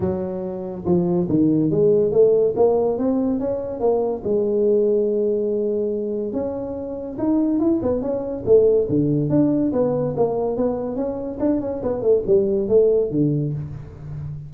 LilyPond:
\new Staff \with { instrumentName = "tuba" } { \time 4/4 \tempo 4 = 142 fis2 f4 dis4 | gis4 a4 ais4 c'4 | cis'4 ais4 gis2~ | gis2. cis'4~ |
cis'4 dis'4 e'8 b8 cis'4 | a4 d4 d'4 b4 | ais4 b4 cis'4 d'8 cis'8 | b8 a8 g4 a4 d4 | }